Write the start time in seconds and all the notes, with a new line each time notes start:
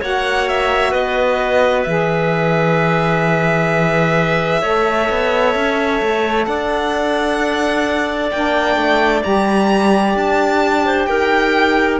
0.00 A#3 F#4 C#5 F#5
0.48 E5
0.90 B3 B4 D#5
1.83 E3 G#4 E5
4.61 A3 A4 C#5
5.09 B3
5.54 C#4
6.01 A3
6.45 D4 D5 F#5
8.30 A#3 D4 G5
8.76 A3
9.23 G3 G4 A#5
10.15 D4 A5
10.85 C5
11.05 D#4 A#4 G5